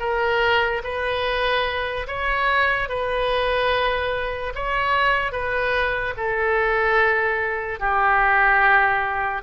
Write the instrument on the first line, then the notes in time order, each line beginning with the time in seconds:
oboe
0.00 A#4
0.84 B4
2.08 C#5
2.89 B4
4.55 C#5
5.32 B4
6.17 A4
7.80 G4